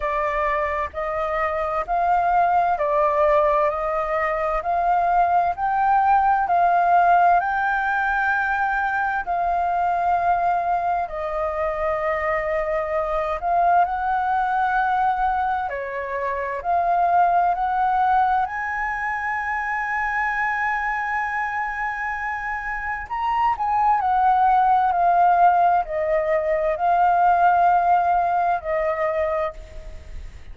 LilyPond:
\new Staff \with { instrumentName = "flute" } { \time 4/4 \tempo 4 = 65 d''4 dis''4 f''4 d''4 | dis''4 f''4 g''4 f''4 | g''2 f''2 | dis''2~ dis''8 f''8 fis''4~ |
fis''4 cis''4 f''4 fis''4 | gis''1~ | gis''4 ais''8 gis''8 fis''4 f''4 | dis''4 f''2 dis''4 | }